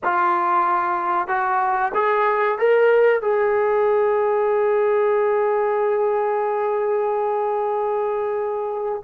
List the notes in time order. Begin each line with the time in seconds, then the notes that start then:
0.03 F4
1.27 F#4
1.94 G#4
2.58 A#4
3.21 G#4